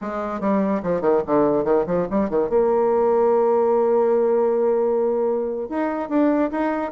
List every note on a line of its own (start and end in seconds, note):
0.01 0.40 G#3
0.40 0.81 G3
0.82 1.01 F3
1.01 1.22 D#3
1.26 1.64 D3
1.64 1.85 D#3
1.86 2.07 F3
2.10 2.29 G3
2.29 2.49 D#3
2.49 5.69 A#3
5.69 6.09 D#4
6.09 6.50 D4
6.51 6.91 D#4